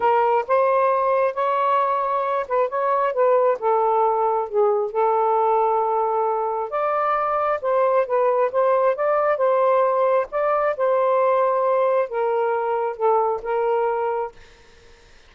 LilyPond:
\new Staff \with { instrumentName = "saxophone" } { \time 4/4 \tempo 4 = 134 ais'4 c''2 cis''4~ | cis''4. b'8 cis''4 b'4 | a'2 gis'4 a'4~ | a'2. d''4~ |
d''4 c''4 b'4 c''4 | d''4 c''2 d''4 | c''2. ais'4~ | ais'4 a'4 ais'2 | }